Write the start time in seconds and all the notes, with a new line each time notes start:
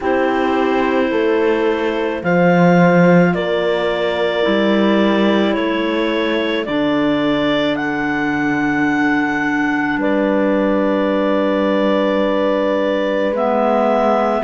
0.00 C4 E4 G4 C5
1.11 A3 A4
2.22 F3 F4 C5 F5
3.34 A#3 A#4 D5
4.42 G3 E4
5.53 A3 A4 C#5
6.65 D3 D4 D5
7.75 F#5
9.97 G3 B4 D5
13.31 G#3 B3 E5